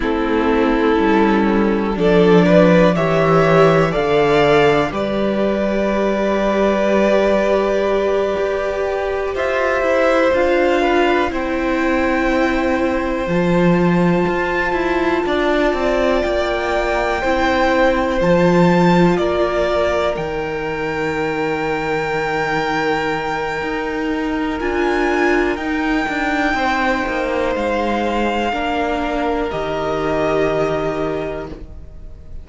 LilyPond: <<
  \new Staff \with { instrumentName = "violin" } { \time 4/4 \tempo 4 = 61 a'2 d''4 e''4 | f''4 d''2.~ | d''4. e''4 f''4 g''8~ | g''4. a''2~ a''8~ |
a''8 g''2 a''4 d''8~ | d''8 g''2.~ g''8~ | g''4 gis''4 g''2 | f''2 dis''2 | }
  \new Staff \with { instrumentName = "violin" } { \time 4/4 e'2 a'8 b'8 cis''4 | d''4 b'2.~ | b'4. c''4. b'8 c''8~ | c''2.~ c''8 d''8~ |
d''4. c''2 ais'8~ | ais'1~ | ais'2. c''4~ | c''4 ais'2. | }
  \new Staff \with { instrumentName = "viola" } { \time 4/4 c'4 cis'4 d'4 g'4 | a'4 g'2.~ | g'2~ g'8 f'4 e'8~ | e'4. f'2~ f'8~ |
f'4. e'4 f'4.~ | f'8 dis'2.~ dis'8~ | dis'4 f'4 dis'2~ | dis'4 d'4 g'2 | }
  \new Staff \with { instrumentName = "cello" } { \time 4/4 a4 g4 f4 e4 | d4 g2.~ | g8 g'4 f'8 e'8 d'4 c'8~ | c'4. f4 f'8 e'8 d'8 |
c'8 ais4 c'4 f4 ais8~ | ais8 dis2.~ dis8 | dis'4 d'4 dis'8 d'8 c'8 ais8 | gis4 ais4 dis2 | }
>>